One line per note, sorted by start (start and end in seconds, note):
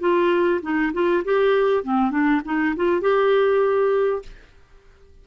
0.00 0.61 F4
0.62 0.92 D#4
0.93 1.24 F4
1.25 1.84 G4
1.84 2.11 C4
2.11 2.41 D4
2.45 2.75 D#4
2.76 3.01 F4
3.01 4.22 G4